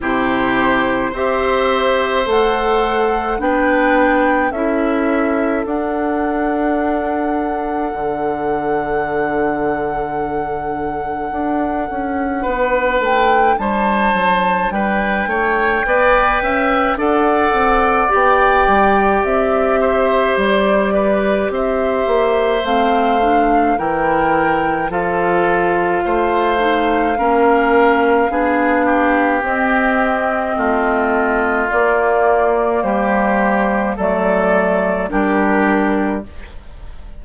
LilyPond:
<<
  \new Staff \with { instrumentName = "flute" } { \time 4/4 \tempo 4 = 53 c''4 e''4 fis''4 g''4 | e''4 fis''2.~ | fis''2.~ fis''8 g''8 | a''4 g''2 fis''4 |
g''4 e''4 d''4 e''4 | f''4 g''4 f''2~ | f''2 dis''2 | d''4 c''4 d''4 ais'4 | }
  \new Staff \with { instrumentName = "oboe" } { \time 4/4 g'4 c''2 b'4 | a'1~ | a'2. b'4 | c''4 b'8 cis''8 d''8 e''8 d''4~ |
d''4. c''4 b'8 c''4~ | c''4 ais'4 a'4 c''4 | ais'4 gis'8 g'4. f'4~ | f'4 g'4 a'4 g'4 | }
  \new Staff \with { instrumentName = "clarinet" } { \time 4/4 e'4 g'4 a'4 d'4 | e'4 d'2.~ | d'1~ | d'2 b'4 a'4 |
g'1 | c'8 d'8 e'4 f'4. dis'8 | cis'4 d'4 c'2 | ais2 a4 d'4 | }
  \new Staff \with { instrumentName = "bassoon" } { \time 4/4 c4 c'4 a4 b4 | cis'4 d'2 d4~ | d2 d'8 cis'8 b8 a8 | g8 fis8 g8 a8 b8 cis'8 d'8 c'8 |
b8 g8 c'4 g4 c'8 ais8 | a4 e4 f4 a4 | ais4 b4 c'4 a4 | ais4 g4 fis4 g4 | }
>>